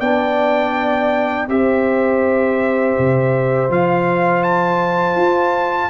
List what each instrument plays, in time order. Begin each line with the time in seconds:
0.00 tuba B3, trombone D4, horn D5, trumpet G5
1.48 tuba C4, trombone G4, horn C5, trumpet E5
2.99 tuba C3
3.69 tuba F3, trombone F4, trumpet F5
4.44 trumpet A5
5.16 tuba F4